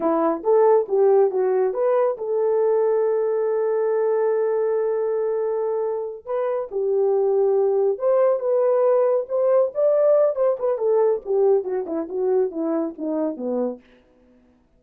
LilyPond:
\new Staff \with { instrumentName = "horn" } { \time 4/4 \tempo 4 = 139 e'4 a'4 g'4 fis'4 | b'4 a'2.~ | a'1~ | a'2~ a'8 b'4 g'8~ |
g'2~ g'8 c''4 b'8~ | b'4. c''4 d''4. | c''8 b'8 a'4 g'4 fis'8 e'8 | fis'4 e'4 dis'4 b4 | }